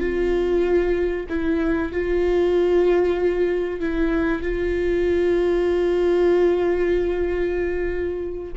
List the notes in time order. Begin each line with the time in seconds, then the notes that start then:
0.00 F4
1.29 E4
1.92 F4
3.80 E4
4.42 F4